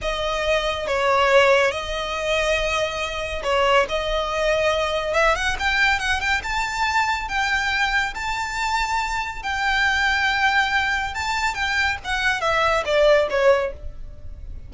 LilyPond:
\new Staff \with { instrumentName = "violin" } { \time 4/4 \tempo 4 = 140 dis''2 cis''2 | dis''1 | cis''4 dis''2. | e''8 fis''8 g''4 fis''8 g''8 a''4~ |
a''4 g''2 a''4~ | a''2 g''2~ | g''2 a''4 g''4 | fis''4 e''4 d''4 cis''4 | }